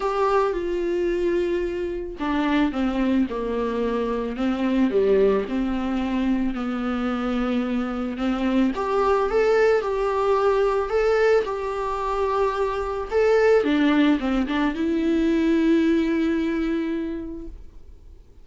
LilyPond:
\new Staff \with { instrumentName = "viola" } { \time 4/4 \tempo 4 = 110 g'4 f'2. | d'4 c'4 ais2 | c'4 g4 c'2 | b2. c'4 |
g'4 a'4 g'2 | a'4 g'2. | a'4 d'4 c'8 d'8 e'4~ | e'1 | }